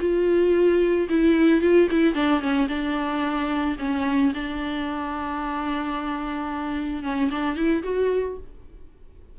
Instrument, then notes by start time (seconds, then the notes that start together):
viola
0.00 F4
1.09 E4
1.61 F4
1.91 E4
2.14 D4
2.41 C#4
2.68 D4
3.79 C#4
4.34 D4
7.03 C#4
7.31 D4
7.56 E4
7.83 F#4